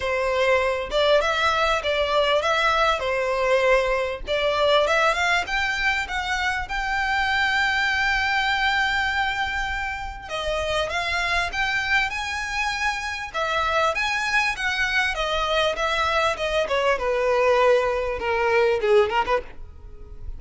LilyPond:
\new Staff \with { instrumentName = "violin" } { \time 4/4 \tempo 4 = 99 c''4. d''8 e''4 d''4 | e''4 c''2 d''4 | e''8 f''8 g''4 fis''4 g''4~ | g''1~ |
g''4 dis''4 f''4 g''4 | gis''2 e''4 gis''4 | fis''4 dis''4 e''4 dis''8 cis''8 | b'2 ais'4 gis'8 ais'16 b'16 | }